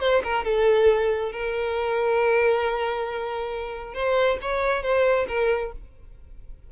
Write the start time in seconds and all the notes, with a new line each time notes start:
0.00 C5
0.23 A#4
0.44 A4
1.32 A#4
3.94 C5
4.42 C#5
4.83 C5
5.28 A#4